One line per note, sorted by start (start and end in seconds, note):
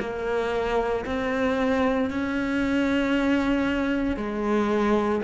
0.00 1.05 A#3
1.06 2.11 C4
2.11 4.17 C#4
4.17 5.22 G#3